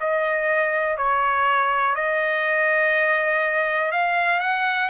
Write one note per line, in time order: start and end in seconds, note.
0.00 0.97 D#5
0.97 1.95 C#5
1.95 3.92 D#5
3.92 4.40 F5
4.40 4.89 F#5